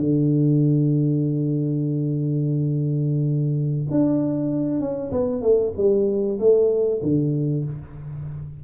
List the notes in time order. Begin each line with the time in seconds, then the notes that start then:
0.00 D3
3.91 D4
4.81 C#4
5.12 B3
5.42 A3
5.77 G3
6.40 A3
7.02 D3